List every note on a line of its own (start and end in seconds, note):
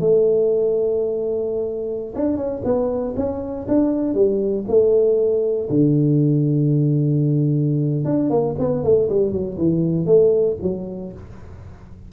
0.00 2.14 A3
2.15 2.37 D4
2.37 2.62 C#4
2.64 3.15 B3
3.16 3.67 C#4
3.68 4.14 D4
4.14 4.65 G3
4.68 5.69 A3
5.70 8.05 D3
8.05 8.30 D4
8.30 8.55 A#3
8.59 8.83 B3
8.83 9.09 A3
9.09 9.32 G3
9.32 9.57 F#3
9.58 10.06 E3
10.06 10.56 A3
10.62 11.12 F#3